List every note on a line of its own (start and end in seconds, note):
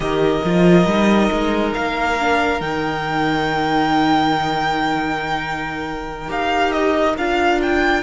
0.00 0.40 D#3
0.00 0.41 G4
0.00 8.03 A#4
0.00 1.72 D#5
0.44 0.86 F3
0.44 0.88 F4
0.86 1.29 G3
0.86 2.19 D#4
1.32 1.75 G#3
1.74 2.60 A#3
1.74 2.60 F5
2.19 2.61 D4
2.60 6.29 D#3
2.60 6.28 D#4
2.60 6.30 G5
6.28 7.16 D#4
6.28 7.14 G4
6.28 6.72 F5
6.72 7.15 D#5
7.17 8.03 D4
7.17 8.03 F4
7.17 7.61 F5
7.62 8.03 G5